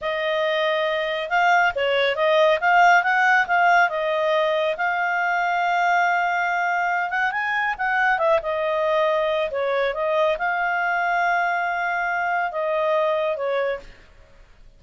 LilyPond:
\new Staff \with { instrumentName = "clarinet" } { \time 4/4 \tempo 4 = 139 dis''2. f''4 | cis''4 dis''4 f''4 fis''4 | f''4 dis''2 f''4~ | f''1~ |
f''8 fis''8 gis''4 fis''4 e''8 dis''8~ | dis''2 cis''4 dis''4 | f''1~ | f''4 dis''2 cis''4 | }